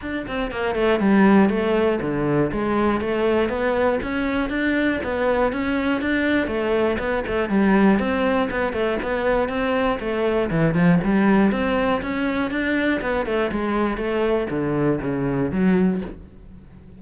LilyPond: \new Staff \with { instrumentName = "cello" } { \time 4/4 \tempo 4 = 120 d'8 c'8 ais8 a8 g4 a4 | d4 gis4 a4 b4 | cis'4 d'4 b4 cis'4 | d'4 a4 b8 a8 g4 |
c'4 b8 a8 b4 c'4 | a4 e8 f8 g4 c'4 | cis'4 d'4 b8 a8 gis4 | a4 d4 cis4 fis4 | }